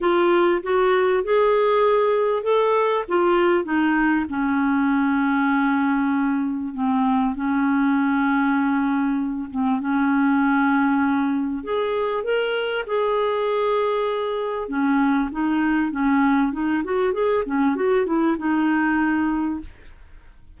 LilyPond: \new Staff \with { instrumentName = "clarinet" } { \time 4/4 \tempo 4 = 98 f'4 fis'4 gis'2 | a'4 f'4 dis'4 cis'4~ | cis'2. c'4 | cis'2.~ cis'8 c'8 |
cis'2. gis'4 | ais'4 gis'2. | cis'4 dis'4 cis'4 dis'8 fis'8 | gis'8 cis'8 fis'8 e'8 dis'2 | }